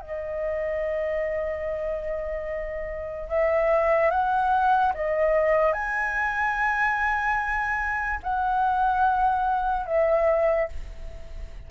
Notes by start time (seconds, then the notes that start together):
0.00 D#5
3.28 E5
4.10 F#5
4.94 D#5
5.73 G#5
8.23 F#5
9.86 E5